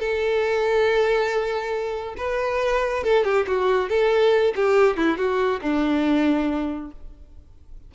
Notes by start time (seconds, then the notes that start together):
0.00 A4
2.18 B4
3.04 A4
3.25 G4
3.48 F#4
3.90 A4
4.56 G4
4.97 E4
5.18 F#4
5.62 D4